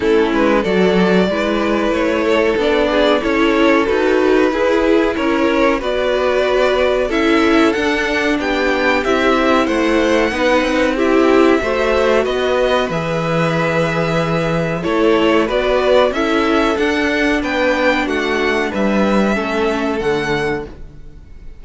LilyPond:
<<
  \new Staff \with { instrumentName = "violin" } { \time 4/4 \tempo 4 = 93 a'8 b'8 d''2 cis''4 | d''4 cis''4 b'2 | cis''4 d''2 e''4 | fis''4 g''4 e''4 fis''4~ |
fis''4 e''2 dis''4 | e''2. cis''4 | d''4 e''4 fis''4 g''4 | fis''4 e''2 fis''4 | }
  \new Staff \with { instrumentName = "violin" } { \time 4/4 e'4 a'4 b'4. a'8~ | a'8 gis'8 a'2 gis'4 | ais'4 b'2 a'4~ | a'4 g'2 c''4 |
b'4 g'4 c''4 b'4~ | b'2. a'4 | b'4 a'2 b'4 | fis'4 b'4 a'2 | }
  \new Staff \with { instrumentName = "viola" } { \time 4/4 cis'4 fis'4 e'2 | d'4 e'4 fis'4 e'4~ | e'4 fis'2 e'4 | d'2 e'2 |
dis'4 e'4 fis'2 | gis'2. e'4 | fis'4 e'4 d'2~ | d'2 cis'4 a4 | }
  \new Staff \with { instrumentName = "cello" } { \time 4/4 a8 gis8 fis4 gis4 a4 | b4 cis'4 dis'4 e'4 | cis'4 b2 cis'4 | d'4 b4 c'4 a4 |
b8 c'4. a4 b4 | e2. a4 | b4 cis'4 d'4 b4 | a4 g4 a4 d4 | }
>>